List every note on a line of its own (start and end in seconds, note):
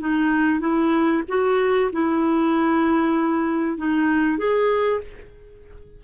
0.00 0.60 D#4
0.60 1.23 E4
1.28 1.91 F#4
1.93 3.78 E4
3.78 4.38 D#4
4.38 5.01 G#4